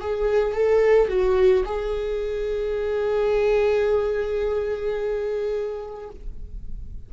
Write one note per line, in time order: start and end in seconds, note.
0.00 0.54 G#4
0.54 1.08 A4
1.08 1.64 F#4
1.65 6.10 G#4